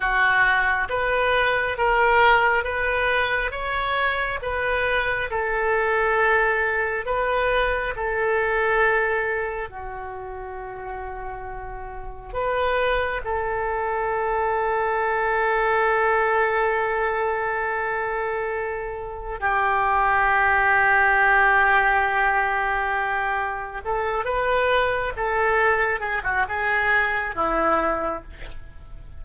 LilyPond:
\new Staff \with { instrumentName = "oboe" } { \time 4/4 \tempo 4 = 68 fis'4 b'4 ais'4 b'4 | cis''4 b'4 a'2 | b'4 a'2 fis'4~ | fis'2 b'4 a'4~ |
a'1~ | a'2 g'2~ | g'2. a'8 b'8~ | b'8 a'4 gis'16 fis'16 gis'4 e'4 | }